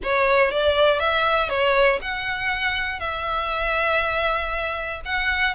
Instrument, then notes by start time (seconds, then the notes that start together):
violin
0.03 C#5
0.51 D5
0.99 E5
1.49 C#5
2.01 F#5
2.99 E5
5.05 F#5